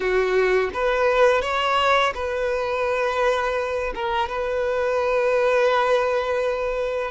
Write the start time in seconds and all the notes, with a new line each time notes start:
0.00 F#4
0.73 B4
1.41 C#5
2.14 B4
3.94 A#4
4.29 B4